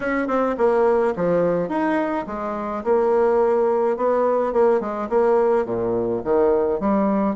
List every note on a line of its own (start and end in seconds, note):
0.00 0.27 C#4
0.27 0.55 C4
0.57 1.14 A#3
1.16 1.68 F3
1.68 2.25 D#4
2.26 2.83 G#3
2.84 3.96 A#3
3.96 4.53 B3
4.53 4.80 A#3
4.80 5.08 G#3
5.09 5.65 A#3
5.65 6.21 A#2
6.24 6.80 D#3
6.80 7.35 G3